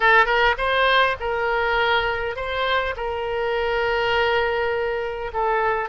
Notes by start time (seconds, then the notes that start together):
0.00 A4
0.25 A#4
0.57 C5
1.20 A#4
2.36 C5
2.96 A#4
5.33 A4